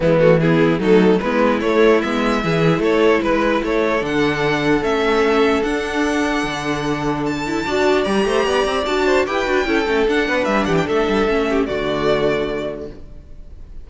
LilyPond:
<<
  \new Staff \with { instrumentName = "violin" } { \time 4/4 \tempo 4 = 149 e'8 fis'8 gis'4 a'4 b'4 | cis''4 e''2 cis''4 | b'4 cis''4 fis''2 | e''2 fis''2~ |
fis''2 a''2 | ais''2 a''4 g''4~ | g''4 fis''4 e''8 fis''16 g''16 e''4~ | e''4 d''2. | }
  \new Staff \with { instrumentName = "violin" } { \time 4/4 b4 e'4 dis'4 e'4~ | e'2 gis'4 a'4 | b'4 a'2.~ | a'1~ |
a'2. d''4~ | d''8 c''8 d''4. c''8 b'4 | a'4. b'4 g'8 a'4~ | a'8 g'8 fis'2. | }
  \new Staff \with { instrumentName = "viola" } { \time 4/4 gis8 a8 b4 a4 b4 | a4 b4 e'2~ | e'2 d'2 | cis'2 d'2~ |
d'2~ d'8 e'8 fis'4 | g'2 fis'4 g'8 fis'8 | e'8 cis'8 d'2. | cis'4 a2. | }
  \new Staff \with { instrumentName = "cello" } { \time 4/4 e2 fis4 gis4 | a4 gis4 e4 a4 | gis4 a4 d2 | a2 d'2 |
d2. d'4 | g8 a8 b8 c'8 d'4 e'8 d'8 | cis'8 a8 d'8 b8 g8 e8 a8 g8 | a4 d2. | }
>>